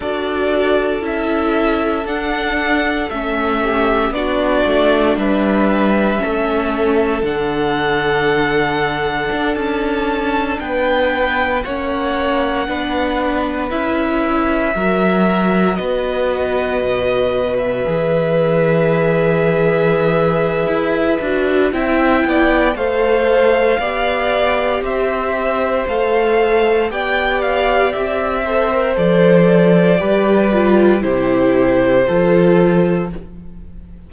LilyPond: <<
  \new Staff \with { instrumentName = "violin" } { \time 4/4 \tempo 4 = 58 d''4 e''4 fis''4 e''4 | d''4 e''2 fis''4~ | fis''4~ fis''16 a''4 g''4 fis''8.~ | fis''4~ fis''16 e''2 dis''8.~ |
dis''4 e''2.~ | e''4 g''4 f''2 | e''4 f''4 g''8 f''8 e''4 | d''2 c''2 | }
  \new Staff \with { instrumentName = "violin" } { \time 4/4 a'2.~ a'8 g'8 | fis'4 b'4 a'2~ | a'2~ a'16 b'4 cis''8.~ | cis''16 b'2 ais'4 b'8.~ |
b'1~ | b'4 e''8 d''8 c''4 d''4 | c''2 d''4. c''8~ | c''4 b'4 g'4 a'4 | }
  \new Staff \with { instrumentName = "viola" } { \time 4/4 fis'4 e'4 d'4 cis'4 | d'2 cis'4 d'4~ | d'2.~ d'16 cis'8.~ | cis'16 d'4 e'4 fis'4.~ fis'16~ |
fis'4~ fis'16 gis'2~ gis'8.~ | gis'8 fis'8 e'4 a'4 g'4~ | g'4 a'4 g'4. a'16 ais'16 | a'4 g'8 f'8 e'4 f'4 | }
  \new Staff \with { instrumentName = "cello" } { \time 4/4 d'4 cis'4 d'4 a4 | b8 a8 g4 a4 d4~ | d4 d'16 cis'4 b4 ais8.~ | ais16 b4 cis'4 fis4 b8.~ |
b16 b,4 e2~ e8. | e'8 d'8 c'8 b8 a4 b4 | c'4 a4 b4 c'4 | f4 g4 c4 f4 | }
>>